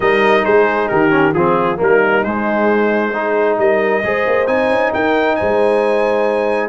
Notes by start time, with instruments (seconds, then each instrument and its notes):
0.00 tuba G3, trombone D#4, horn A#4, trumpet D#5
0.44 tuba G#3, horn G#4, trumpet C5
0.88 tuba D#3, horn G4, trumpet A#4
1.10 trombone C#4
1.33 tuba F3, trombone C4, horn F4, trumpet G#4
1.76 tuba G3, trombone A#3, horn D#4
1.83 trumpet A#4
2.24 tuba G#3, trombone G#3, trumpet C5
3.13 trombone D#4, horn G#4
3.57 tuba G3, horn A#4, trumpet D#5
4.03 tuba G#3, trombone G#4, horn C5
4.27 tuba A#3
4.47 tuba C4, trombone D#4, trumpet G#5
4.69 tuba C#4
4.93 tuba D#4, horn A#4, trumpet G5
5.35 tuba G#3, horn C5, trumpet G#5